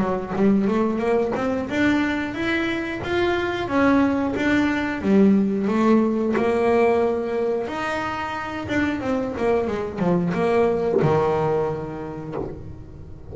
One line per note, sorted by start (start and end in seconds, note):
0.00 0.33 F#3
0.36 0.68 G3
0.68 0.99 A3
0.99 1.32 A#3
1.36 1.69 C4
1.70 2.35 D4
2.35 3.01 E4
3.04 3.68 F4
3.68 4.35 C#4
4.36 5.02 D4
5.02 5.68 G3
5.68 6.35 A3
6.37 7.68 A#3
7.68 8.68 D#4
8.69 9.01 D4
9.01 9.34 C4
9.38 9.68 A#3
9.68 10.00 G#3
10.00 10.33 F3
10.34 11.01 A#3
11.02 12.35 D#3